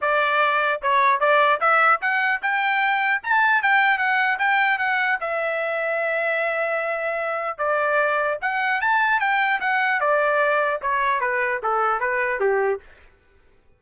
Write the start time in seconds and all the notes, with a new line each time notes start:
0.01 D5
0.81 C#5
1.20 D5
1.60 E5
2.01 F#5
2.42 G5
3.23 A5
3.62 G5
3.97 F#5
4.38 G5
4.78 F#5
5.20 E5
7.58 D5
8.41 F#5
8.81 A5
9.20 G5
9.60 F#5
10.00 D5
10.81 C#5
11.20 B4
11.63 A4
12.00 B4
12.40 G4